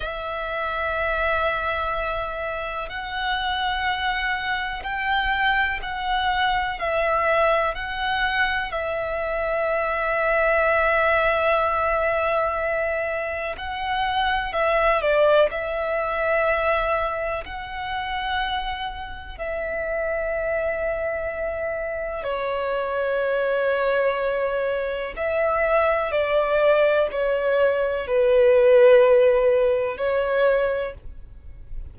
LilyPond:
\new Staff \with { instrumentName = "violin" } { \time 4/4 \tempo 4 = 62 e''2. fis''4~ | fis''4 g''4 fis''4 e''4 | fis''4 e''2.~ | e''2 fis''4 e''8 d''8 |
e''2 fis''2 | e''2. cis''4~ | cis''2 e''4 d''4 | cis''4 b'2 cis''4 | }